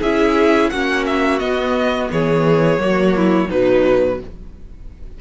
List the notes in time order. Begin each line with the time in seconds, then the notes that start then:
0.00 C#4 E4 G#4 E5
0.69 A#3 C#4 F#4 F#5
1.06 E5
1.39 B3 D#5
2.11 E3 G#4 C#5
2.77 F#3 A#3 F#4
3.16 E4
3.48 B2 F#3 D#4 B4